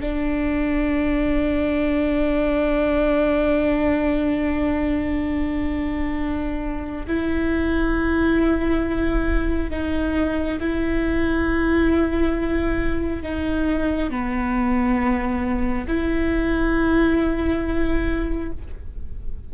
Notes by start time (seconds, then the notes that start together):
0.00 D4
7.07 E4
9.70 D#4
10.60 E4
13.23 D#4
14.10 B3
15.87 E4